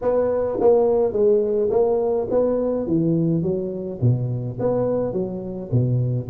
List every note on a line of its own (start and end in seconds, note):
0.01 0.58 B3
0.60 1.12 A#3
1.12 1.69 G#3
1.70 2.27 A#3
2.30 2.86 B3
2.86 3.42 E3
3.42 3.99 F#3
4.01 4.58 B2
4.59 5.12 B3
5.12 5.69 F#3
5.71 6.28 B2